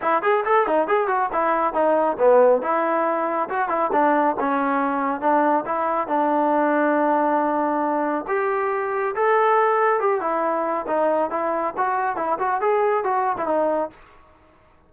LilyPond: \new Staff \with { instrumentName = "trombone" } { \time 4/4 \tempo 4 = 138 e'8 gis'8 a'8 dis'8 gis'8 fis'8 e'4 | dis'4 b4 e'2 | fis'8 e'8 d'4 cis'2 | d'4 e'4 d'2~ |
d'2. g'4~ | g'4 a'2 g'8 e'8~ | e'4 dis'4 e'4 fis'4 | e'8 fis'8 gis'4 fis'8. e'16 dis'4 | }